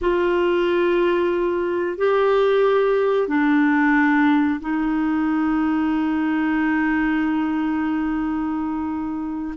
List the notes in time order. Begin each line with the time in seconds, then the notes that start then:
0.01 F4
1.97 G4
3.28 D4
4.60 D#4